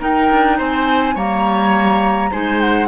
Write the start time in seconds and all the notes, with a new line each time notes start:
0.00 D#4 A#4 G5
0.31 D4
0.58 C4 C5 G#5
1.15 G3 A#3 C#5 A#5
2.31 G#3 D#4 C5 G#5
2.60 F#5